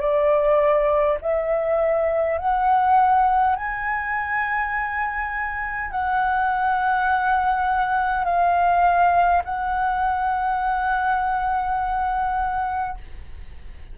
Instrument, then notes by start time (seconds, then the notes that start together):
flute
0.00 D5
1.21 E5
2.38 F#5
3.56 G#5
5.90 F#5
8.24 F5
9.44 F#5